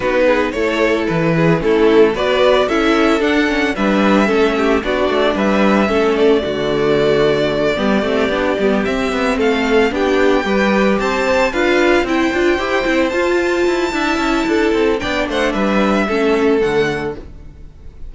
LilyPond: <<
  \new Staff \with { instrumentName = "violin" } { \time 4/4 \tempo 4 = 112 b'4 cis''4 b'4 a'4 | d''4 e''4 fis''4 e''4~ | e''4 d''4 e''4. d''8~ | d''1~ |
d''8 e''4 f''4 g''4.~ | g''8 a''4 f''4 g''4.~ | g''8 a''2.~ a''8 | g''8 fis''8 e''2 fis''4 | }
  \new Staff \with { instrumentName = "violin" } { \time 4/4 fis'8 gis'8 a'4. gis'8 e'4 | b'4 a'2 b'4 | a'8 g'8 fis'4 b'4 a'4 | fis'2~ fis'8 g'4.~ |
g'4. a'4 g'4 b'8~ | b'8 c''4 b'4 c''4.~ | c''2 e''4 a'4 | d''8 c''8 b'4 a'2 | }
  \new Staff \with { instrumentName = "viola" } { \time 4/4 dis'4 e'2 cis'4 | fis'4 e'4 d'8 cis'8 d'4 | cis'4 d'2 cis'4 | a2~ a8 b8 c'8 d'8 |
b8 c'2 d'4 g'8~ | g'4. f'4 e'8 f'8 g'8 | e'8 f'4. e'2 | d'2 cis'4 a4 | }
  \new Staff \with { instrumentName = "cello" } { \time 4/4 b4 a4 e4 a4 | b4 cis'4 d'4 g4 | a4 b8 a8 g4 a4 | d2~ d8 g8 a8 b8 |
g8 c'8 b8 a4 b4 g8~ | g8 c'4 d'4 c'8 d'8 e'8 | c'8 f'4 e'8 d'8 cis'8 d'8 c'8 | b8 a8 g4 a4 d4 | }
>>